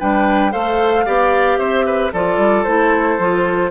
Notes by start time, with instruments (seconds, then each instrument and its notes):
0.00 bassoon G3, clarinet D4, oboe B4, flute G5
0.52 bassoon A3, clarinet A4, oboe C5, flute F5
1.06 bassoon B3, clarinet G4, oboe D5
1.58 bassoon C4, oboe C5, flute E5
1.86 oboe B4
2.13 bassoon F3, clarinet F4, oboe A4, flute D5
2.37 bassoon G3
2.64 bassoon A3, clarinet E4, flute C5
3.19 bassoon F3, clarinet F4